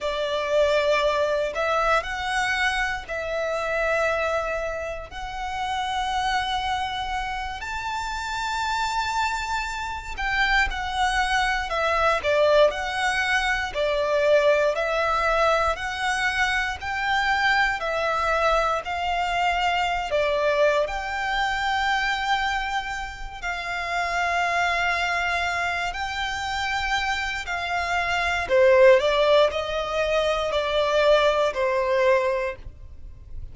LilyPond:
\new Staff \with { instrumentName = "violin" } { \time 4/4 \tempo 4 = 59 d''4. e''8 fis''4 e''4~ | e''4 fis''2~ fis''8 a''8~ | a''2 g''8 fis''4 e''8 | d''8 fis''4 d''4 e''4 fis''8~ |
fis''8 g''4 e''4 f''4~ f''16 d''16~ | d''8 g''2~ g''8 f''4~ | f''4. g''4. f''4 | c''8 d''8 dis''4 d''4 c''4 | }